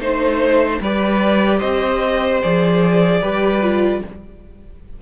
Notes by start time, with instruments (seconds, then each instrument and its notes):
0.00 cello A3, viola D#4, violin C5
0.81 cello G3, viola G4, violin B4 D5
1.59 cello C4, violin C5 D#5
2.43 cello F3, viola G#4, violin D5
3.22 cello G3, viola G4, violin B4
3.63 viola F4